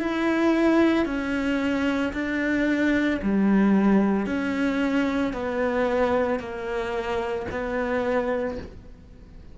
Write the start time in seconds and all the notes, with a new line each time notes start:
0.00 E4
1.06 C#4
2.13 D4
3.22 G3
4.26 C#4
5.33 B3
6.39 A#3
7.51 B3